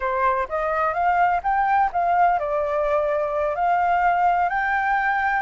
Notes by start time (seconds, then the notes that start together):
0.00 C5
0.49 D#5
0.93 F5
1.43 G5
1.92 F5
2.39 D5
3.55 F5
4.49 G5